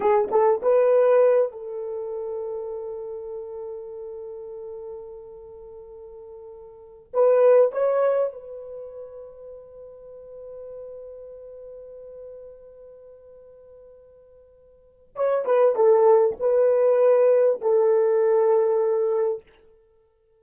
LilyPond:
\new Staff \with { instrumentName = "horn" } { \time 4/4 \tempo 4 = 99 gis'8 a'8 b'4. a'4.~ | a'1~ | a'2.~ a'8. b'16~ | b'8. cis''4 b'2~ b'16~ |
b'1~ | b'1~ | b'4 cis''8 b'8 a'4 b'4~ | b'4 a'2. | }